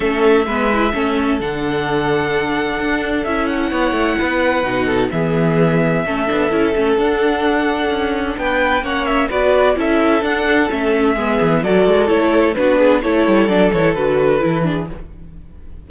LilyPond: <<
  \new Staff \with { instrumentName = "violin" } { \time 4/4 \tempo 4 = 129 e''2. fis''4~ | fis''2. e''8 fis''8~ | fis''2. e''4~ | e''2. fis''4~ |
fis''2 g''4 fis''8 e''8 | d''4 e''4 fis''4 e''4~ | e''4 d''4 cis''4 b'4 | cis''4 d''8 cis''8 b'2 | }
  \new Staff \with { instrumentName = "violin" } { \time 4/4 a'4 b'4 a'2~ | a'1 | cis''4 b'4. a'8 gis'4~ | gis'4 a'2.~ |
a'2 b'4 cis''4 | b'4 a'2. | gis'4 a'2 fis'8 gis'8 | a'2.~ a'8 gis'8 | }
  \new Staff \with { instrumentName = "viola" } { \time 4/4 cis'4 b8 e'8 cis'4 d'4~ | d'2. e'4~ | e'2 dis'4 b4~ | b4 cis'8 d'8 e'8 cis'8 d'4~ |
d'2. cis'4 | fis'4 e'4 d'4 cis'4 | b4 fis'4 e'4 d'4 | e'4 d'8 e'8 fis'4 e'8 d'8 | }
  \new Staff \with { instrumentName = "cello" } { \time 4/4 a4 gis4 a4 d4~ | d2 d'4 cis'4 | b8 a8 b4 b,4 e4~ | e4 a8 b8 cis'8 a8 d'4~ |
d'4 cis'4 b4 ais4 | b4 cis'4 d'4 a4 | gis8 e8 fis8 gis8 a4 b4 | a8 g8 fis8 e8 d4 e4 | }
>>